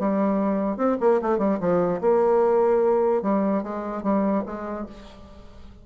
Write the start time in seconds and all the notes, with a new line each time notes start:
0.00 G3
0.77 C4
1.01 A#3
1.22 A3
1.39 G3
1.61 F3
2.01 A#3
3.23 G3
3.63 G#3
4.03 G3
4.46 G#3